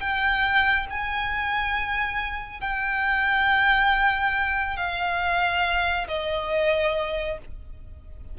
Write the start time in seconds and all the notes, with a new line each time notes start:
0.00 G5
0.91 G#5
2.61 G5
4.77 F5
6.08 D#5